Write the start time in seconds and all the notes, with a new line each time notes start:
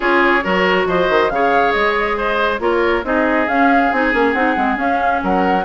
0.00 C#4 F4 G#4 C#5
0.43 F#3 F#4 A#4
0.86 F3 C5 D#5
1.09 D#3
1.29 C#3 G#4 C#5 F5
1.71 G#3 D#5
2.17 C5
2.59 A#3 F4 A#4 C#5
3.03 C4 D#4 G#4 D#5
3.47 C#4 F5
3.91 C4 D#4 G#5
4.12 A#3 C#4
4.33 C4 D#4 F#5
4.55 G#3 C4
4.75 C#4 F5
5.23 F#3 A#4 F#5